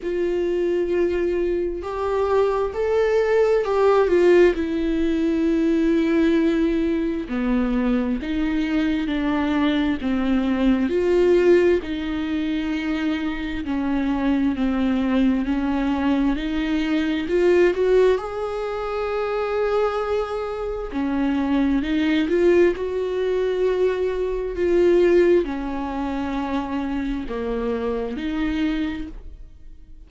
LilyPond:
\new Staff \with { instrumentName = "viola" } { \time 4/4 \tempo 4 = 66 f'2 g'4 a'4 | g'8 f'8 e'2. | b4 dis'4 d'4 c'4 | f'4 dis'2 cis'4 |
c'4 cis'4 dis'4 f'8 fis'8 | gis'2. cis'4 | dis'8 f'8 fis'2 f'4 | cis'2 ais4 dis'4 | }